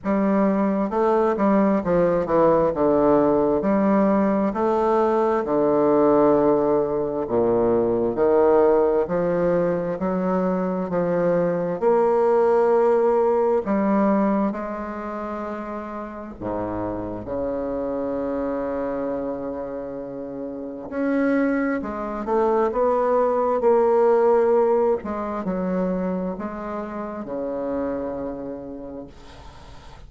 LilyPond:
\new Staff \with { instrumentName = "bassoon" } { \time 4/4 \tempo 4 = 66 g4 a8 g8 f8 e8 d4 | g4 a4 d2 | ais,4 dis4 f4 fis4 | f4 ais2 g4 |
gis2 gis,4 cis4~ | cis2. cis'4 | gis8 a8 b4 ais4. gis8 | fis4 gis4 cis2 | }